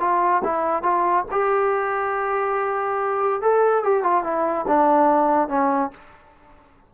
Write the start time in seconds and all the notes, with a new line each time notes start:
0.00 F4
0.44 E4
0.83 F4
1.31 G4
3.41 A4
3.84 G4
4.03 F4
4.23 E4
4.67 D4
5.49 C#4